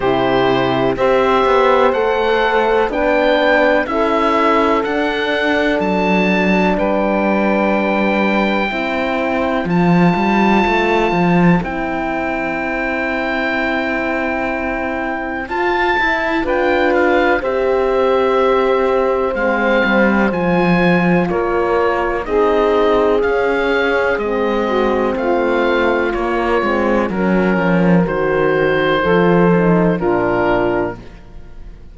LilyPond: <<
  \new Staff \with { instrumentName = "oboe" } { \time 4/4 \tempo 4 = 62 c''4 e''4 fis''4 g''4 | e''4 fis''4 a''4 g''4~ | g''2 a''2 | g''1 |
a''4 g''8 f''8 e''2 | f''4 gis''4 cis''4 dis''4 | f''4 dis''4 f''4 cis''4 | ais'4 c''2 ais'4 | }
  \new Staff \with { instrumentName = "saxophone" } { \time 4/4 g'4 c''2 b'4 | a'2. b'4~ | b'4 c''2.~ | c''1~ |
c''4 b'4 c''2~ | c''2 ais'4 gis'4~ | gis'4. fis'8 f'2 | ais'2 a'4 f'4 | }
  \new Staff \with { instrumentName = "horn" } { \time 4/4 e'4 g'4 a'4 d'4 | e'4 d'2.~ | d'4 e'4 f'2 | e'1 |
f'8 e'8 f'4 g'2 | c'4 f'2 dis'4 | cis'4 c'2 ais8 c'8 | cis'4 fis'4 f'8 dis'8 d'4 | }
  \new Staff \with { instrumentName = "cello" } { \time 4/4 c4 c'8 b8 a4 b4 | cis'4 d'4 fis4 g4~ | g4 c'4 f8 g8 a8 f8 | c'1 |
f'8 e'8 d'4 c'2 | gis8 g8 f4 ais4 c'4 | cis'4 gis4 a4 ais8 gis8 | fis8 f8 dis4 f4 ais,4 | }
>>